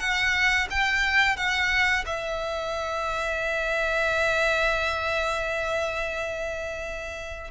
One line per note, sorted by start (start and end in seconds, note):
0.00 0.68 F#5
0.70 1.37 G5
1.37 2.05 F#5
2.06 7.51 E5